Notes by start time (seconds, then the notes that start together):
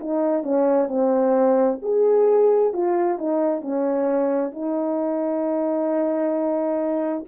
0.00 D#4
0.43 C#4
0.88 C4
1.82 G#4
2.73 F4
3.19 D#4
3.61 C#4
4.52 D#4